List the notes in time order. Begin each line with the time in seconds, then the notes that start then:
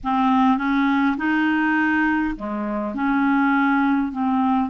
0.03 C4
0.57 C#4
1.17 D#4
2.36 G#3
2.94 C#4
4.12 C4